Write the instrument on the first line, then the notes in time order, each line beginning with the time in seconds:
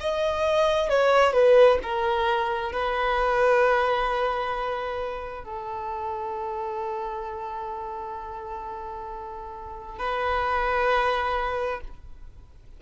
violin
0.00 D#5
0.89 C#5
1.33 B4
1.82 A#4
2.72 B4
5.44 A4
9.98 B4